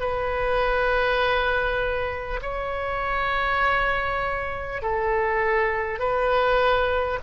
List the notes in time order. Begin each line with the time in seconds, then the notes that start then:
0.00 B4
2.42 C#5
4.82 A4
5.99 B4